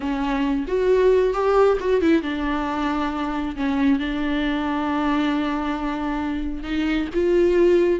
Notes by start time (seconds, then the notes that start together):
0.00 C#4
0.67 F#4
1.33 G4
1.80 F#4
2.01 E4
2.22 D4
3.56 C#4
3.99 D4
6.63 D#4
7.14 F4